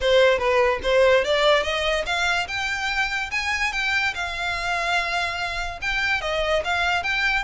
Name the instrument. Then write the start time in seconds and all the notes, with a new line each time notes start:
violin
0.01 C5
0.38 B4
0.83 C5
1.24 D5
1.63 D#5
2.06 F5
2.47 G5
3.31 G#5
3.72 G5
4.14 F5
5.81 G5
6.21 D#5
6.64 F5
7.03 G5